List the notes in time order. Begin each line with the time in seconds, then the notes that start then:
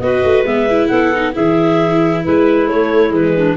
0.00 B3 F#4 B4 D#5
0.24 A3
0.44 G#3 B3 E5
0.71 E4
0.88 B3 A4 F#5
1.15 D#4
1.33 E3 E4 G#4 E5
2.23 G#3 E4 B4
2.66 A3 C#5
3.10 E3 G#3 B4
3.35 D4